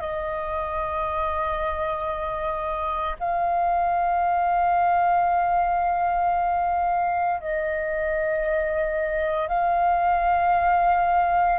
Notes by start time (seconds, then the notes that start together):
0.00 D#5
3.19 F5
7.40 D#5
9.48 F5